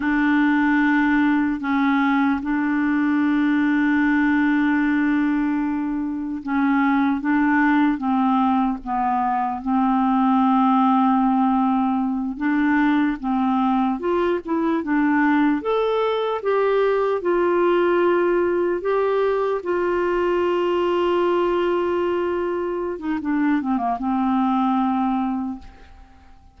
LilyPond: \new Staff \with { instrumentName = "clarinet" } { \time 4/4 \tempo 4 = 75 d'2 cis'4 d'4~ | d'1 | cis'4 d'4 c'4 b4 | c'2.~ c'8 d'8~ |
d'8 c'4 f'8 e'8 d'4 a'8~ | a'8 g'4 f'2 g'8~ | g'8 f'2.~ f'8~ | f'8. dis'16 d'8 c'16 ais16 c'2 | }